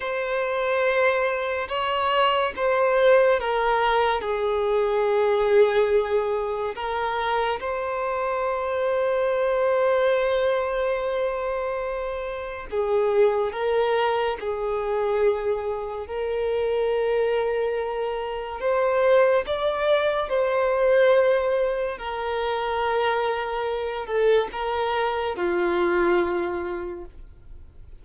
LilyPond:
\new Staff \with { instrumentName = "violin" } { \time 4/4 \tempo 4 = 71 c''2 cis''4 c''4 | ais'4 gis'2. | ais'4 c''2.~ | c''2. gis'4 |
ais'4 gis'2 ais'4~ | ais'2 c''4 d''4 | c''2 ais'2~ | ais'8 a'8 ais'4 f'2 | }